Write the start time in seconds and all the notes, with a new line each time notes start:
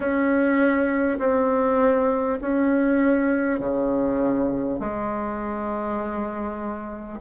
0.00 C#4
1.18 C4
2.41 C#4
3.59 C#3
4.79 G#3